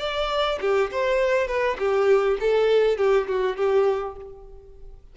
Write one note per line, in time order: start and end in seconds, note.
0.00 0.59 D5
0.61 0.91 G4
0.92 1.48 C5
1.48 1.78 B4
1.79 2.38 G4
2.41 2.98 A4
2.98 3.28 G4
3.28 3.57 F#4
3.57 4.17 G4